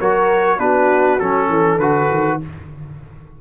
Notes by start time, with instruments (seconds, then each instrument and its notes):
0.00 tuba F#3, trombone F#4, horn A#4, trumpet C#5
0.59 tuba B3, trombone D4, horn F#4, trumpet B4
1.19 tuba F#3, trombone C#4, trumpet A4
1.48 tuba E3, horn A4
1.78 tuba D3, trombone F#4, trumpet B4
2.10 tuba D#3